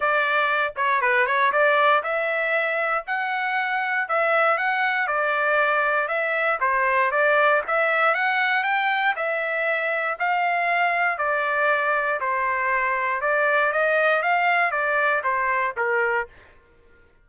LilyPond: \new Staff \with { instrumentName = "trumpet" } { \time 4/4 \tempo 4 = 118 d''4. cis''8 b'8 cis''8 d''4 | e''2 fis''2 | e''4 fis''4 d''2 | e''4 c''4 d''4 e''4 |
fis''4 g''4 e''2 | f''2 d''2 | c''2 d''4 dis''4 | f''4 d''4 c''4 ais'4 | }